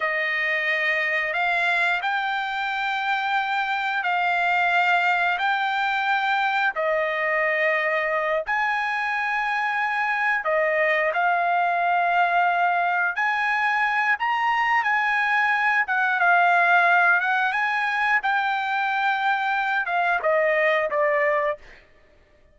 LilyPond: \new Staff \with { instrumentName = "trumpet" } { \time 4/4 \tempo 4 = 89 dis''2 f''4 g''4~ | g''2 f''2 | g''2 dis''2~ | dis''8 gis''2. dis''8~ |
dis''8 f''2. gis''8~ | gis''4 ais''4 gis''4. fis''8 | f''4. fis''8 gis''4 g''4~ | g''4. f''8 dis''4 d''4 | }